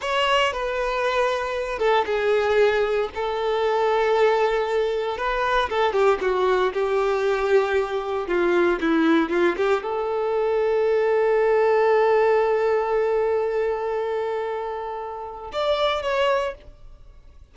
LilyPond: \new Staff \with { instrumentName = "violin" } { \time 4/4 \tempo 4 = 116 cis''4 b'2~ b'8 a'8 | gis'2 a'2~ | a'2 b'4 a'8 g'8 | fis'4 g'2. |
f'4 e'4 f'8 g'8 a'4~ | a'1~ | a'1~ | a'2 d''4 cis''4 | }